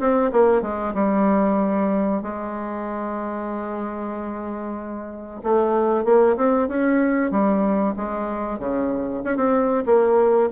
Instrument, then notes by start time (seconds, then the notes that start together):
bassoon
0.00 C4
0.32 A#3
0.62 G#3
0.95 G3
2.22 G#3
5.44 A3
6.05 A#3
6.37 C4
6.68 C#4
7.31 G3
7.96 G#3
8.59 C#3
9.25 C#4
9.37 C4
9.86 A#3